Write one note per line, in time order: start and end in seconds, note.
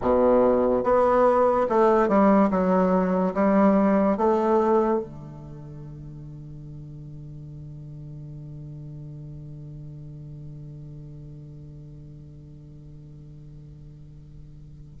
0.01 0.83 B2
0.83 1.67 B3
1.69 2.08 A3
2.08 2.50 G3
2.50 3.33 F#3
3.33 4.17 G3
4.17 5.00 A3
5.00 15.00 D3